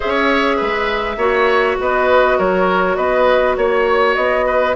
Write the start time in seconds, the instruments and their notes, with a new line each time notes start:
0.00 bassoon C#4, clarinet G#4, oboe C#5, flute E5
0.56 bassoon G#3, oboe B4
1.16 bassoon A#3, clarinet F#4, oboe C#5
1.80 bassoon B3, oboe B4, flute D#5
2.38 bassoon F#3, oboe A#4, flute C#5
2.95 bassoon B3, oboe B4, flute D#5
3.57 bassoon A#3, flute C#5, oboe C#5
4.15 bassoon B3, flute D#5
4.45 oboe B4